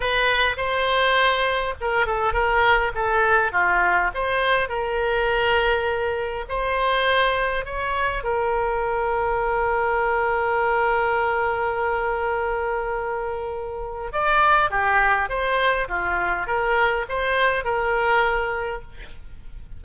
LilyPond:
\new Staff \with { instrumentName = "oboe" } { \time 4/4 \tempo 4 = 102 b'4 c''2 ais'8 a'8 | ais'4 a'4 f'4 c''4 | ais'2. c''4~ | c''4 cis''4 ais'2~ |
ais'1~ | ais'1 | d''4 g'4 c''4 f'4 | ais'4 c''4 ais'2 | }